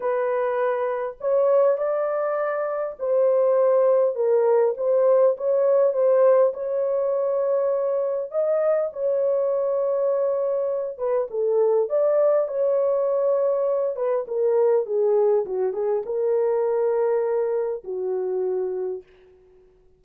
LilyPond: \new Staff \with { instrumentName = "horn" } { \time 4/4 \tempo 4 = 101 b'2 cis''4 d''4~ | d''4 c''2 ais'4 | c''4 cis''4 c''4 cis''4~ | cis''2 dis''4 cis''4~ |
cis''2~ cis''8 b'8 a'4 | d''4 cis''2~ cis''8 b'8 | ais'4 gis'4 fis'8 gis'8 ais'4~ | ais'2 fis'2 | }